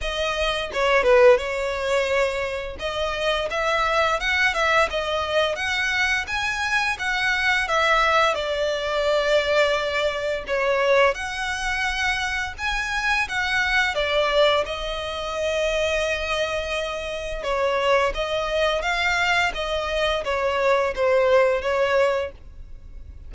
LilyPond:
\new Staff \with { instrumentName = "violin" } { \time 4/4 \tempo 4 = 86 dis''4 cis''8 b'8 cis''2 | dis''4 e''4 fis''8 e''8 dis''4 | fis''4 gis''4 fis''4 e''4 | d''2. cis''4 |
fis''2 gis''4 fis''4 | d''4 dis''2.~ | dis''4 cis''4 dis''4 f''4 | dis''4 cis''4 c''4 cis''4 | }